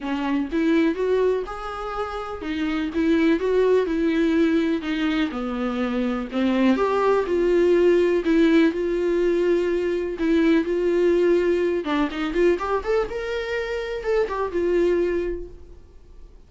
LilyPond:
\new Staff \with { instrumentName = "viola" } { \time 4/4 \tempo 4 = 124 cis'4 e'4 fis'4 gis'4~ | gis'4 dis'4 e'4 fis'4 | e'2 dis'4 b4~ | b4 c'4 g'4 f'4~ |
f'4 e'4 f'2~ | f'4 e'4 f'2~ | f'8 d'8 dis'8 f'8 g'8 a'8 ais'4~ | ais'4 a'8 g'8 f'2 | }